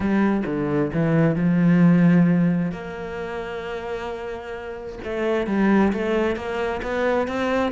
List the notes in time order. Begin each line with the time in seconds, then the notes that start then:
0.00 G3
0.45 D3
0.93 E3
1.35 F3
2.71 A#3
5.03 A3
5.46 G3
5.92 A3
6.35 A#3
6.82 B3
7.27 C4